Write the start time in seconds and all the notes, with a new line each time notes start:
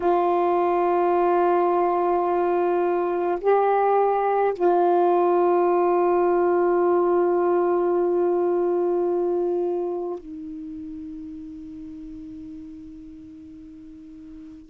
0.00 F4
3.40 G4
4.54 F4
10.19 D#4